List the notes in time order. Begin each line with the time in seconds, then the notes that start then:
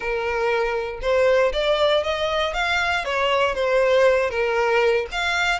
0.00 A#4
1.01 C5
1.53 D5
2.03 D#5
2.53 F5
3.05 C#5
3.54 C5
4.30 A#4
5.11 F5